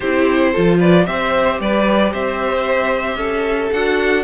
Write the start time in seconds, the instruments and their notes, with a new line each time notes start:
0.00 cello C4, viola E4, violin G4 C5
0.52 cello F3, viola F4, violin A4
0.79 violin B4 D5
1.06 cello C4, viola G4, violin C5 E5
1.60 cello G3, violin B4 D5
2.12 cello C4, violin C5 E5
3.16 cello C#4, violin A4
3.72 cello D4, viola F#4, violin F#5